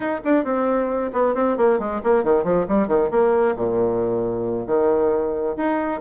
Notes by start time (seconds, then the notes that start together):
0.00 D#4
0.24 D4
0.44 C4
1.12 B3
1.35 C4
1.57 A#3
1.79 G#3
2.03 A#3
2.23 D#3
2.43 F3
2.68 G3
2.87 D#3
3.11 A#3
3.56 A#2
4.66 D#3
5.56 D#4